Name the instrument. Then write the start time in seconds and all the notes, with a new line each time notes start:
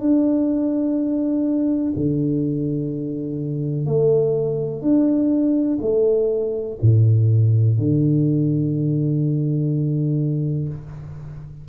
tuba
0.00 D4
1.96 D3
3.86 A3
4.82 D4
5.82 A3
6.82 A2
7.79 D3